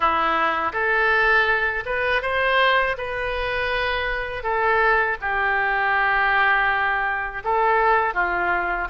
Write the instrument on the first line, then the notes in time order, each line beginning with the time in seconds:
oboe
0.00 E4
0.72 A4
1.85 B4
2.22 C5
2.97 B4
4.43 A4
5.21 G4
7.43 A4
8.13 F4